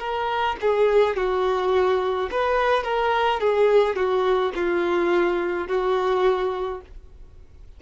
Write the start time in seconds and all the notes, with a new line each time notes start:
0.00 A#4
0.61 G#4
1.16 F#4
2.31 B4
2.84 A#4
3.41 G#4
3.96 F#4
4.55 F4
5.68 F#4